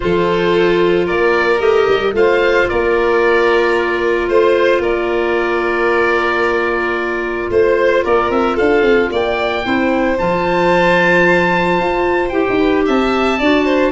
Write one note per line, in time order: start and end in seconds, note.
0.00 1.09 F3
0.00 1.59 F4
0.00 1.05 A4
0.00 1.07 C5
1.05 1.60 A#3
1.05 2.12 A#4
1.05 1.60 D5
1.59 1.87 A3
1.59 2.12 G4
1.59 2.14 D#5
1.88 2.13 G3
2.13 2.66 A3
2.13 9.63 F4
2.13 2.69 C5
2.13 2.69 F5
2.69 4.29 A#3
2.69 4.28 A#4
2.69 4.28 D5
4.28 4.79 A3
4.28 4.81 C5
4.79 7.47 A#3
4.79 7.49 A#4
4.79 7.50 D5
7.50 8.03 A3
7.50 8.04 C5
8.04 8.30 A#3
8.04 8.55 A#4
8.04 8.30 D5
8.30 8.56 C4
8.30 8.57 E5
8.55 8.81 D4
8.55 9.09 A4
8.55 9.10 F5
8.81 9.08 C4
9.10 9.64 A#3
9.10 9.65 D5
9.10 10.18 G5
9.64 10.19 C4
9.64 10.17 E4
9.64 12.58 C5
10.18 11.79 F3
10.18 12.31 F4
10.18 12.29 A5
11.79 12.32 F4
12.29 12.45 E4
12.29 13.38 G4
12.29 12.82 G5
12.49 12.88 D#4
12.58 12.84 B4
12.86 13.40 C4
12.86 13.38 E5
12.86 13.91 A5
13.38 13.91 D4
13.38 13.91 F#4
13.38 13.64 D5
13.64 13.91 C5